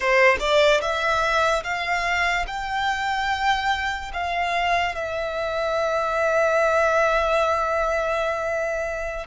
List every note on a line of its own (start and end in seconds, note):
0.00 0.37 C5
0.39 0.80 D5
0.81 1.63 E5
1.63 2.45 F5
2.47 4.11 G5
4.13 4.95 F5
4.95 9.27 E5